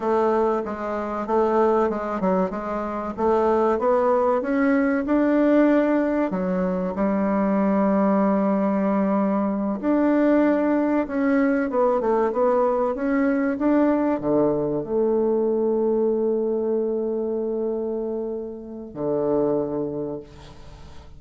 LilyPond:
\new Staff \with { instrumentName = "bassoon" } { \time 4/4 \tempo 4 = 95 a4 gis4 a4 gis8 fis8 | gis4 a4 b4 cis'4 | d'2 fis4 g4~ | g2.~ g8 d'8~ |
d'4. cis'4 b8 a8 b8~ | b8 cis'4 d'4 d4 a8~ | a1~ | a2 d2 | }